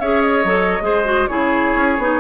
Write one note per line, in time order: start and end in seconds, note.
0.00 0.44 C#4
0.00 0.45 G#4
0.00 0.83 C#5
0.00 0.22 E5
0.22 1.27 D#5
0.44 0.79 F#3
0.44 0.81 A4
0.81 1.28 G#3
0.81 1.04 G#4
0.81 1.30 C5
1.04 1.28 F#4
1.27 1.75 C#3
1.27 1.99 E4
1.27 2.20 G#4
1.27 2.20 C#5
1.75 1.98 C#4
1.98 2.20 B3
1.98 2.20 D#4